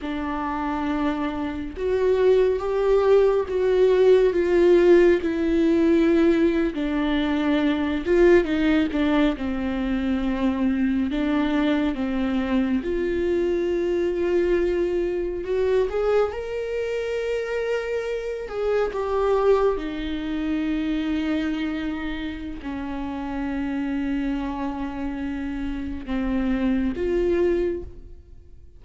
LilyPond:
\new Staff \with { instrumentName = "viola" } { \time 4/4 \tempo 4 = 69 d'2 fis'4 g'4 | fis'4 f'4 e'4.~ e'16 d'16~ | d'4~ d'16 f'8 dis'8 d'8 c'4~ c'16~ | c'8. d'4 c'4 f'4~ f'16~ |
f'4.~ f'16 fis'8 gis'8 ais'4~ ais'16~ | ais'4~ ais'16 gis'8 g'4 dis'4~ dis'16~ | dis'2 cis'2~ | cis'2 c'4 f'4 | }